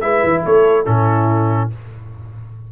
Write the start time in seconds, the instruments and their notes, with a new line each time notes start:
0.00 tuba G#3, trombone E4, horn B4, trumpet E5
0.23 tuba E3
0.45 tuba A3, horn A4, trumpet C#5
0.85 tuba A2, trombone C#4, horn E4, trumpet A4